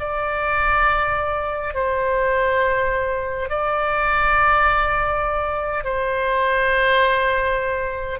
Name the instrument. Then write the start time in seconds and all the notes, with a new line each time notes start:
oboe
0.00 D5
1.74 C5
3.50 D5
5.84 C5